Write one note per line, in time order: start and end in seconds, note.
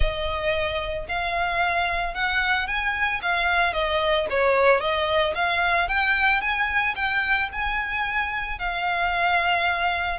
0.00 1.06 D#5
1.08 2.14 F5
2.14 2.67 F#5
2.67 3.20 G#5
3.21 3.73 F5
3.73 4.27 D#5
4.30 4.80 C#5
4.80 5.34 D#5
5.34 5.88 F5
5.88 6.41 G5
6.41 6.94 G#5
6.95 7.49 G5
7.52 8.59 G#5
8.59 10.18 F5